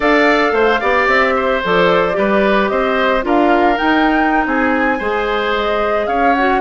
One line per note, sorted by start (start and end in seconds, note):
0.00 0.52 D4
0.00 0.81 A4
0.00 0.52 D5
0.00 1.08 F5
0.52 0.79 A3
0.52 0.80 C5
0.80 1.07 B3
0.80 1.62 G4
0.80 1.34 D5
1.07 1.61 C4
1.07 1.62 E5
1.35 2.17 C5
1.64 2.17 F3
1.64 2.12 A4
1.64 2.68 D5
2.12 2.70 G3
2.12 3.20 G4
2.12 2.70 B4
2.68 3.24 C4
2.68 3.24 C5
2.68 3.22 D#5
3.22 3.78 D4
3.22 3.76 F4
3.22 4.47 A#4
3.22 3.77 F5
3.76 4.98 D#4
3.76 4.45 D#4
3.76 4.45 G5
4.45 5.00 C4
4.45 4.98 G#4
4.45 5.54 G#5
4.98 6.07 G#3
4.98 6.35 G#4
4.98 6.06 C5
5.55 6.07 D#5
6.07 6.61 C#4
6.07 6.61 C#5
6.07 6.34 F5
6.34 6.61 F#4
6.34 6.61 F#5